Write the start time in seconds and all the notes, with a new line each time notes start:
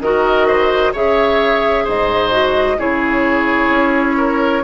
0.00 D#3 F#4 A#4 D#5
0.48 C5
0.93 C#3 G#4 C#5 E5
1.84 G#2 C5 D#5
2.31 F#4
2.78 C#3 E4 G#4 C#5
3.70 C#4
4.17 A#4